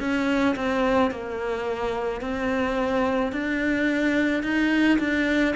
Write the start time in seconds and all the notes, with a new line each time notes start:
0.00 C#4
0.56 C4
1.11 A#3
2.21 C4
3.32 D4
4.43 D#4
4.99 D4